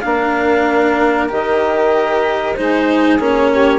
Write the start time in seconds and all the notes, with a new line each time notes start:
0.00 A#3 D4 A#4 F5
1.29 D#3 G4 D#5
2.55 G#3 D#4 G#4 C5
3.19 A#3 C#4 C#5
3.52 G4